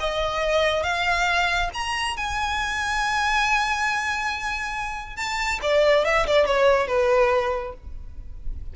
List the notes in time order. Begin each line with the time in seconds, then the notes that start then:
0.00 D#5
0.83 F5
1.74 A#5
2.17 G#5
5.16 A5
5.62 D5
6.05 E5
6.27 D5
6.46 C#5
6.87 B4